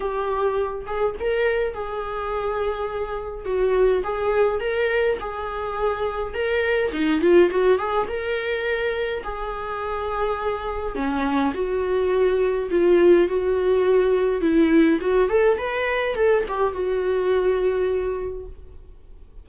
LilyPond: \new Staff \with { instrumentName = "viola" } { \time 4/4 \tempo 4 = 104 g'4. gis'8 ais'4 gis'4~ | gis'2 fis'4 gis'4 | ais'4 gis'2 ais'4 | dis'8 f'8 fis'8 gis'8 ais'2 |
gis'2. cis'4 | fis'2 f'4 fis'4~ | fis'4 e'4 fis'8 a'8 b'4 | a'8 g'8 fis'2. | }